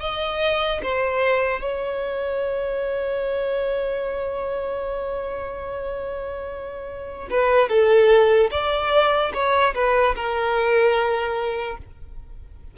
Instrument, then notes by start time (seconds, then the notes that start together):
violin
0.00 D#5
0.83 C5
1.61 C#5
7.30 B4
7.69 A4
8.51 D5
9.34 C#5
9.74 B4
10.15 A#4